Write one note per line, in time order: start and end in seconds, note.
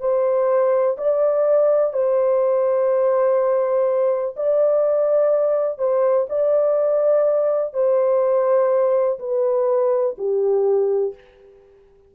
0.00 0.97 C5
0.98 1.93 D5
1.93 4.35 C5
4.36 5.78 D5
5.78 6.27 C5
6.29 7.74 D5
7.74 9.19 C5
9.19 10.16 B4
10.18 11.15 G4